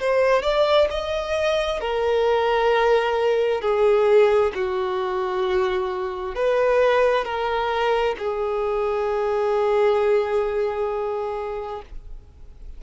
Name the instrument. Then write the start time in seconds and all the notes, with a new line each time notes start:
violin
0.00 C5
0.43 D5
0.90 D#5
1.81 A#4
3.61 G#4
4.55 F#4
6.36 B4
7.25 A#4
8.19 G#4